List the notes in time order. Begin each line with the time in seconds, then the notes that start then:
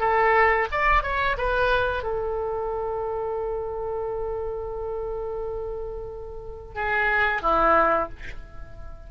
0.00 A4
0.72 D5
1.03 C#5
1.38 B4
2.03 A4
6.75 G#4
7.42 E4